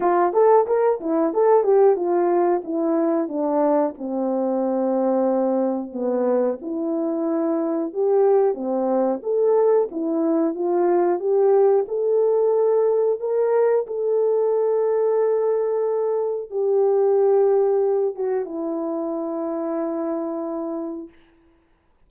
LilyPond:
\new Staff \with { instrumentName = "horn" } { \time 4/4 \tempo 4 = 91 f'8 a'8 ais'8 e'8 a'8 g'8 f'4 | e'4 d'4 c'2~ | c'4 b4 e'2 | g'4 c'4 a'4 e'4 |
f'4 g'4 a'2 | ais'4 a'2.~ | a'4 g'2~ g'8 fis'8 | e'1 | }